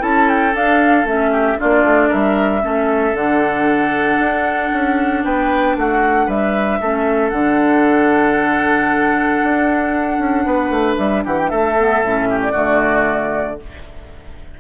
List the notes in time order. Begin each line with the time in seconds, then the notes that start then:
0.00 C#4 E4 A4 A5
0.29 G5
0.55 D4 F5
1.05 A3 C#4 E5
1.32 G4
1.58 A#3 D4 F4 D5
1.84 A3
2.09 G3 A#4 E5
2.62 A3 C#4 A4
3.14 D3 D4 F#5
4.19 D4
4.73 C#4
5.25 B3 B4 G5
5.77 A3 F#4 F#5
6.27 G3 B4 E5
6.81 A3 C#4 A4
7.30 D3 D4 F#5
9.43 D4
10.19 C#4
10.46 B3 B4
10.70 A3
10.98 G3 E5
11.25 E3 G4 F#5
11.39 G5
11.50 A3 A4 E5
11.78 B3
12.03 A2 C#4
12.30 G4
12.43 D5
12.52 D3 A3 F#4